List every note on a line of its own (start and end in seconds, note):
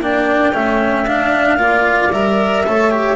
0.00 0.53 A#3
0.00 0.53 D4
0.00 0.53 D5
0.00 1.07 G5
0.53 1.06 A3
0.53 1.06 C#4
0.53 1.59 E5
1.06 1.56 D4
1.06 1.58 D4
1.06 2.12 F5
1.56 2.09 A#3
1.56 2.11 F4
1.56 2.65 D5
2.11 2.63 G3
2.11 2.65 A#4
2.11 3.16 E5
2.65 3.16 A3
2.65 2.90 A4
2.65 3.16 C#5
2.90 3.16 G4